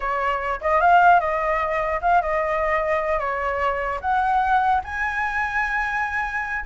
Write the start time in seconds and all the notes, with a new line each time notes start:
0.00 C#5
0.61 D#5
0.81 F5
1.20 D#5
2.01 F5
2.21 D#5
3.19 C#5
4.01 F#5
4.84 G#5